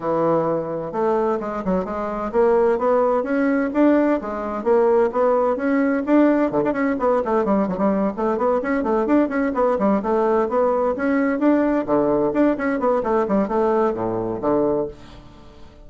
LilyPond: \new Staff \with { instrumentName = "bassoon" } { \time 4/4 \tempo 4 = 129 e2 a4 gis8 fis8 | gis4 ais4 b4 cis'4 | d'4 gis4 ais4 b4 | cis'4 d'4 d16 d'16 cis'8 b8 a8 |
g8 fis16 g8. a8 b8 cis'8 a8 d'8 | cis'8 b8 g8 a4 b4 cis'8~ | cis'8 d'4 d4 d'8 cis'8 b8 | a8 g8 a4 a,4 d4 | }